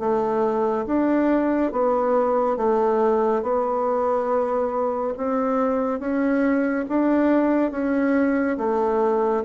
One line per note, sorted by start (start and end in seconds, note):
0.00 0.86 A3
0.87 1.72 D4
1.72 2.57 B3
2.57 3.43 A3
3.43 5.14 B3
5.17 6.00 C4
6.00 6.86 C#4
6.89 7.72 D4
7.72 8.58 C#4
8.58 9.44 A3